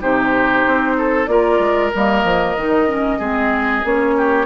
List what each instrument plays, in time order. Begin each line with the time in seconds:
0.00 bassoon C3, clarinet D#4, oboe G4, flute C5
0.66 bassoon C4
0.97 oboe A4
1.26 bassoon A#3, clarinet F4, oboe A#4, flute D5
1.59 bassoon G#3
1.94 bassoon G3, clarinet A#3, flute D#5
2.24 bassoon F3
2.56 bassoon D#3, clarinet D#4
2.87 clarinet C#4
3.18 bassoon G#3, clarinet C4, oboe G#4
3.83 bassoon A#3, clarinet C#4, flute C#5
4.17 oboe G4